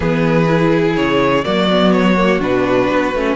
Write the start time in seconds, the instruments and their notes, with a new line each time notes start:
0.00 cello E3, viola B3, violin G#4 B4
0.47 viola E4
0.96 cello C#3, violin C#5
1.44 cello F#3, viola A#3, violin F#4 D5
1.70 viola B3
1.92 violin C#5
2.17 viola A#3
2.39 cello B2, viola D4, violin B4
2.91 cello B3
3.14 cello A3, viola C#4